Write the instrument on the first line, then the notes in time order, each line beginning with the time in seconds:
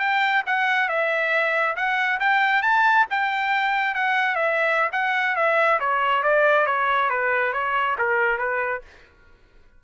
trumpet
0.00 G5
0.47 F#5
0.89 E5
1.77 F#5
2.20 G5
2.63 A5
3.11 G5
3.95 F#5
4.36 E5
4.93 F#5
5.36 E5
5.80 C#5
6.24 D5
6.67 C#5
7.10 B4
7.53 C#5
7.99 A#4
8.39 B4